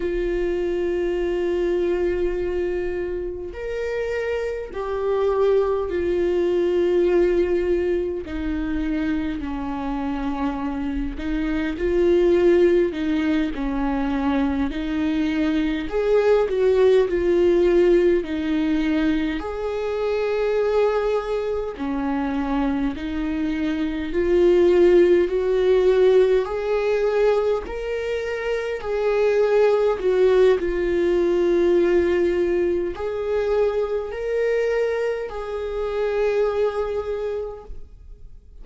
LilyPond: \new Staff \with { instrumentName = "viola" } { \time 4/4 \tempo 4 = 51 f'2. ais'4 | g'4 f'2 dis'4 | cis'4. dis'8 f'4 dis'8 cis'8~ | cis'8 dis'4 gis'8 fis'8 f'4 dis'8~ |
dis'8 gis'2 cis'4 dis'8~ | dis'8 f'4 fis'4 gis'4 ais'8~ | ais'8 gis'4 fis'8 f'2 | gis'4 ais'4 gis'2 | }